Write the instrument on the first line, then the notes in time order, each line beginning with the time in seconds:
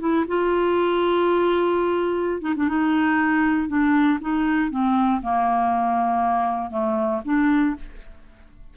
clarinet
0.00 E4
0.28 F4
2.41 D#4
2.56 D4
2.68 D#4
3.68 D4
4.21 D#4
4.71 C4
5.22 A#3
6.71 A3
7.25 D4